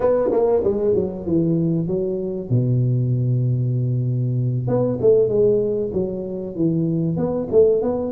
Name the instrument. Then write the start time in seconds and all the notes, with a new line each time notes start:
tuba
0.00 B3
0.31 A#3
0.64 G#3
0.94 F#3
1.26 E3
1.87 F#3
2.49 B2
4.67 B3
5.01 A3
5.28 G#3
5.93 F#3
6.55 E3
7.16 B3
7.51 A3
7.82 B3